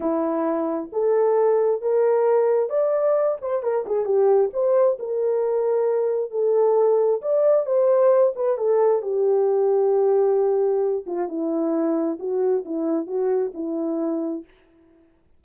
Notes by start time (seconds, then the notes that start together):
0.00 E4
0.92 A4
1.81 A#4
2.69 D5
3.41 C5
3.62 A#4
3.86 G#4
4.05 G4
4.53 C5
4.99 A#4
6.31 A4
7.21 D5
7.65 C5
8.35 B4
8.57 A4
9.02 G4
11.06 F4
11.28 E4
12.19 F#4
12.65 E4
13.06 F#4
13.54 E4